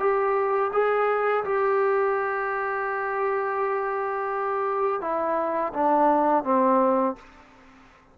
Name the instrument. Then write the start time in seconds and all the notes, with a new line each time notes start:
trombone
0.00 G4
0.73 G#4
1.45 G4
5.02 E4
5.74 D4
6.44 C4